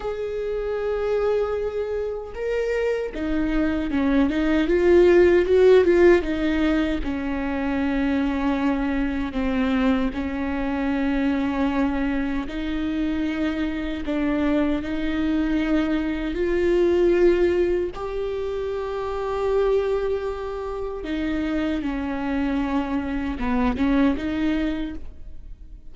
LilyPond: \new Staff \with { instrumentName = "viola" } { \time 4/4 \tempo 4 = 77 gis'2. ais'4 | dis'4 cis'8 dis'8 f'4 fis'8 f'8 | dis'4 cis'2. | c'4 cis'2. |
dis'2 d'4 dis'4~ | dis'4 f'2 g'4~ | g'2. dis'4 | cis'2 b8 cis'8 dis'4 | }